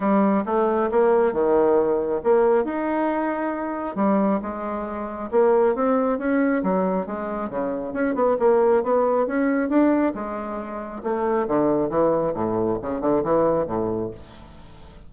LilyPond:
\new Staff \with { instrumentName = "bassoon" } { \time 4/4 \tempo 4 = 136 g4 a4 ais4 dis4~ | dis4 ais4 dis'2~ | dis'4 g4 gis2 | ais4 c'4 cis'4 fis4 |
gis4 cis4 cis'8 b8 ais4 | b4 cis'4 d'4 gis4~ | gis4 a4 d4 e4 | a,4 cis8 d8 e4 a,4 | }